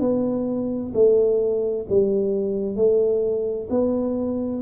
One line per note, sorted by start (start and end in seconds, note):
0.00 0.92 B3
0.94 1.86 A3
1.89 2.76 G3
2.76 3.68 A3
3.70 4.62 B3